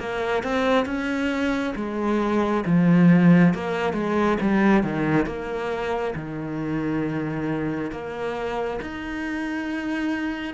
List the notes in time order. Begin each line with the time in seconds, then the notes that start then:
0.00 A#3
0.44 C4
0.86 C#4
1.76 G#3
2.66 F3
3.54 A#3
3.94 G#3
4.42 G3
4.84 D#3
5.26 A#3
6.16 D#3
7.92 A#3
8.82 D#4